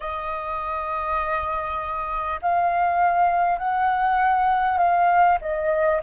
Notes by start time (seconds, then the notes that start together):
0.00 D#5
2.42 F5
3.58 F#5
4.78 F5
5.41 D#5